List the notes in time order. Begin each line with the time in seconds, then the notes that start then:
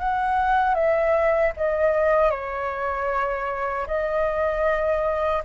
0.00 F#5
0.75 E5
1.57 D#5
2.31 C#5
3.87 D#5